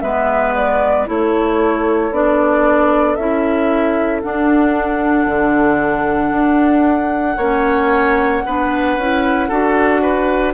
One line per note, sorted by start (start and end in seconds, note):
0.00 1.07 G#3
0.00 1.06 B3
0.00 1.08 B4
0.00 0.53 E5
0.55 1.07 D5
1.06 2.11 A3
1.06 2.11 E4
1.06 7.37 A4
1.06 2.13 C#5
2.11 3.16 B3
2.11 3.18 D4
2.11 3.15 D5
3.15 4.23 C#4
3.15 4.23 E4
3.15 4.20 E5
4.22 7.38 D4
4.22 5.26 D4
4.22 10.53 F#5
5.26 6.31 D3
6.31 7.36 D4
7.37 8.42 A#3
7.37 8.44 C#4
7.37 8.42 C#5
8.46 8.96 B3
8.46 8.98 D4
8.46 9.48 B4
8.96 9.49 C#4
8.96 9.50 E4
9.48 10.53 D4
9.48 10.53 F#4
9.48 10.01 A4
10.02 10.53 B4